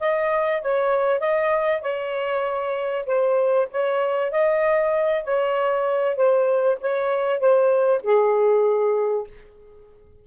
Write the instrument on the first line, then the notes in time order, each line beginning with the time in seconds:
saxophone
0.00 D#5
0.61 C#5
1.19 D#5
1.81 C#5
3.06 C5
3.71 C#5
4.31 D#5
5.24 C#5
6.16 C5
6.80 C#5
7.39 C5
8.03 G#4